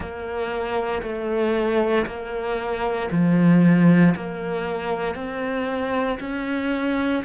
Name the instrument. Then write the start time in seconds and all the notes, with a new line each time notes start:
cello
0.00 A#3
1.02 A3
2.06 A#3
3.11 F3
4.15 A#3
5.15 C4
6.20 C#4